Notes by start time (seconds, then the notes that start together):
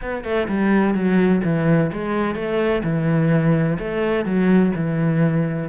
0.01 B3
0.23 A3
0.48 G3
0.94 F#3
1.43 E3
1.92 G#3
2.35 A3
2.83 E3
3.78 A3
4.25 F#3
4.75 E3